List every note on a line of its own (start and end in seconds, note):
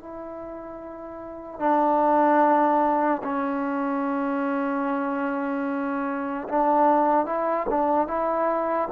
0.00 1.60 E4
1.60 3.22 D4
3.24 6.48 C#4
6.49 7.26 D4
7.26 7.67 E4
7.70 8.07 D4
8.07 8.89 E4